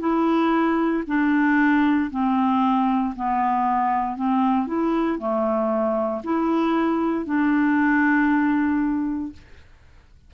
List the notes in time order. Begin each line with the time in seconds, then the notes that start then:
0.00 E4
1.07 D4
2.11 C4
3.16 B3
4.16 C4
4.67 E4
5.19 A3
6.24 E4
7.26 D4